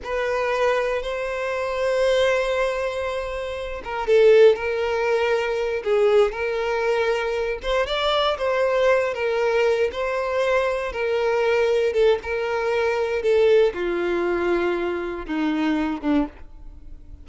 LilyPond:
\new Staff \with { instrumentName = "violin" } { \time 4/4 \tempo 4 = 118 b'2 c''2~ | c''2.~ c''8 ais'8 | a'4 ais'2~ ais'8 gis'8~ | gis'8 ais'2~ ais'8 c''8 d''8~ |
d''8 c''4. ais'4. c''8~ | c''4. ais'2 a'8 | ais'2 a'4 f'4~ | f'2 dis'4. d'8 | }